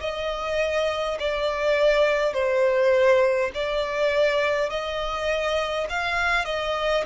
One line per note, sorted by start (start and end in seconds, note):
0.00 1.18 D#5
1.19 2.33 D5
2.33 3.51 C5
3.54 4.70 D5
4.70 5.87 D#5
5.89 6.45 F5
6.45 7.04 D#5